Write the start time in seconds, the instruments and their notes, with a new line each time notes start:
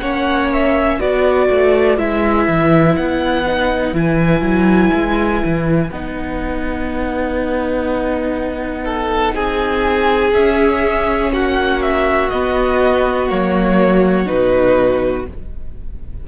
0.00 cello A#3, viola C#4, violin C#5 F#5
0.53 violin E5
1.00 cello B3, viola F#4, violin B4 D5
1.50 cello A3
1.98 cello G#3, viola E4, violin E5
2.48 cello E3
2.97 cello B3, violin F#5
3.47 viola D#4
3.94 cello E3, viola E4, violin G#5
4.42 cello F#3
4.94 cello G#3
5.45 cello E3
5.91 cello B3, viola D#4, violin F#5
8.86 violin A4
9.35 cello C4, violin G#4 G#5
10.34 cello C#4, viola C#4, violin E5
11.32 cello A#3, violin F#4 F#5
11.82 violin E5
12.30 cello B3, viola B3, violin D#5
13.29 cello F#3, viola A#3, violin C#5
14.26 cello B2, viola D#4, violin B4